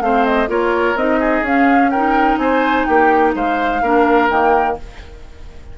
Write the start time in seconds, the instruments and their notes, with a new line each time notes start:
0.00 bassoon A3, clarinet C4, oboe C5, flute F5
0.25 flute D#5
0.47 bassoon A#3, clarinet F4, oboe A#4, flute C#5
0.95 bassoon C4, clarinet D#4, flute D#5
1.19 oboe G#4
1.41 bassoon C#4, clarinet C#4, flute F5
1.89 clarinet D#4, oboe A#4, flute G5
2.37 bassoon C4, oboe C5, flute G#5
2.85 bassoon A#3, oboe G4, flute G5
3.35 bassoon G#3, oboe C5, flute F5
3.82 bassoon A#3, clarinet D4, oboe A#4
4.29 bassoon D#3, clarinet A#3, flute G5